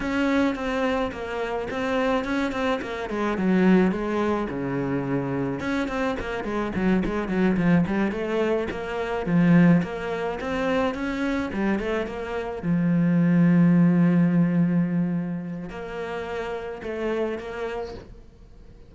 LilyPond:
\new Staff \with { instrumentName = "cello" } { \time 4/4 \tempo 4 = 107 cis'4 c'4 ais4 c'4 | cis'8 c'8 ais8 gis8 fis4 gis4 | cis2 cis'8 c'8 ais8 gis8 | fis8 gis8 fis8 f8 g8 a4 ais8~ |
ais8 f4 ais4 c'4 cis'8~ | cis'8 g8 a8 ais4 f4.~ | f1 | ais2 a4 ais4 | }